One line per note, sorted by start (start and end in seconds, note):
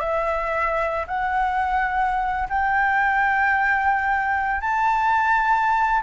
0.00 1.06 E5
1.07 2.48 F#5
2.49 4.60 G5
4.61 6.02 A5